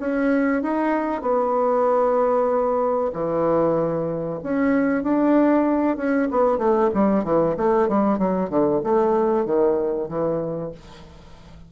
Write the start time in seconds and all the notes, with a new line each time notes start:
0.00 C#4
0.63 D#4
1.22 B3
3.14 E3
4.44 C#4
5.04 D4
5.97 C#4
6.32 B3
6.59 A3
6.94 G3
7.25 E3
7.57 A3
7.89 G3
8.19 F#3
8.50 D3
8.84 A3
9.46 D#3
10.09 E3